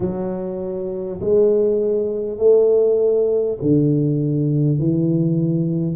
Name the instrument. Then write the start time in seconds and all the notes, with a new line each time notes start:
tuba
0.00 F#3
1.20 G#3
2.38 A3
3.61 D3
4.78 E3